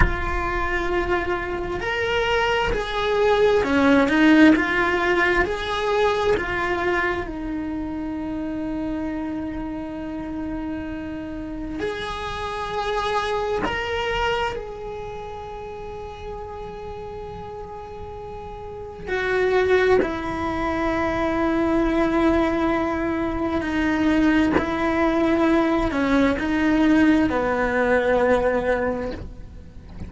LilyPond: \new Staff \with { instrumentName = "cello" } { \time 4/4 \tempo 4 = 66 f'2 ais'4 gis'4 | cis'8 dis'8 f'4 gis'4 f'4 | dis'1~ | dis'4 gis'2 ais'4 |
gis'1~ | gis'4 fis'4 e'2~ | e'2 dis'4 e'4~ | e'8 cis'8 dis'4 b2 | }